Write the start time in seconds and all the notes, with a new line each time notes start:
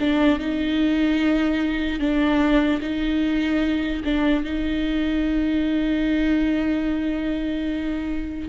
0.00 D4
0.39 D#4
1.99 D4
2.81 D#4
4.04 D4
4.44 D#4